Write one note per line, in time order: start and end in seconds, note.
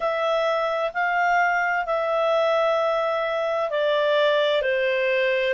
0.00 0.92 E5
0.93 1.85 F5
1.85 3.70 E5
3.70 4.62 D5
4.62 5.54 C5